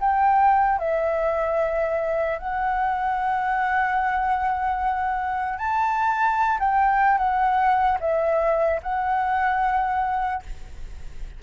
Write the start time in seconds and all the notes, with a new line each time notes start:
0.00 G5
0.79 E5
2.39 F#5
5.58 A5
6.59 G5
7.18 F#5
8.00 E5
8.82 F#5